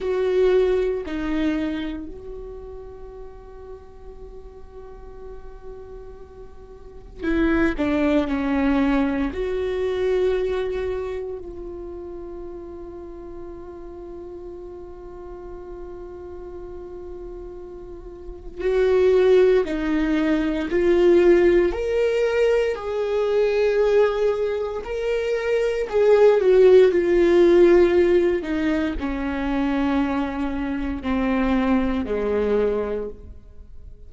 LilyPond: \new Staff \with { instrumentName = "viola" } { \time 4/4 \tempo 4 = 58 fis'4 dis'4 fis'2~ | fis'2. e'8 d'8 | cis'4 fis'2 f'4~ | f'1~ |
f'2 fis'4 dis'4 | f'4 ais'4 gis'2 | ais'4 gis'8 fis'8 f'4. dis'8 | cis'2 c'4 gis4 | }